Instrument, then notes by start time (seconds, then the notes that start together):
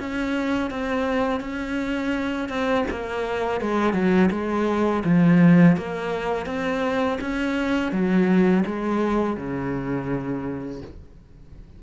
cello
0.00 C#4
0.71 C4
1.41 C#4
2.49 C4
2.91 A#3
3.61 G#3
3.94 F#3
4.31 G#3
5.05 F3
5.77 A#3
6.46 C4
7.21 C#4
7.92 F#3
8.66 G#3
9.37 C#3